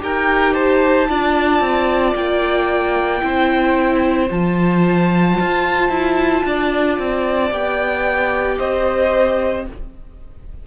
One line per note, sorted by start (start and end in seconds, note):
0.00 1.09 D#4
0.00 1.07 G4
0.00 0.54 A#4
0.00 0.54 G5
0.54 1.07 C5
0.54 2.15 A5
1.08 1.60 D4
1.08 3.21 F4
1.08 3.23 D5
1.60 2.14 C4
2.15 3.22 A#3
2.15 4.29 G5
3.21 4.30 C4
3.21 4.29 E4
3.21 6.45 C5
4.29 5.38 F3
4.29 7.51 F4
4.29 7.52 A5
5.40 5.89 F4
5.89 6.43 E4
6.45 6.99 D4
6.45 8.59 D5
6.99 7.51 C4
7.51 8.58 B3
7.51 9.65 G4
7.51 8.59 G5
8.59 9.67 C4
8.59 9.66 C5
8.59 9.66 D#5